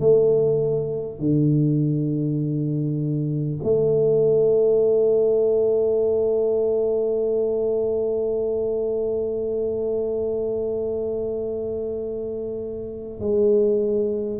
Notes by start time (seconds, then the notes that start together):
0.00 A3
1.19 D3
3.63 A3
13.20 G#3